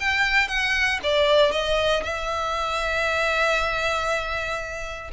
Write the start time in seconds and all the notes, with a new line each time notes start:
0.00 G5
0.48 F#5
1.03 D5
1.52 D#5
2.03 E5